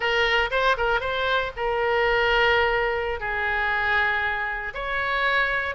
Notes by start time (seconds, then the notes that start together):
0.00 A#4
0.50 C5
0.77 A#4
1.00 C5
1.56 A#4
3.20 G#4
4.73 C#5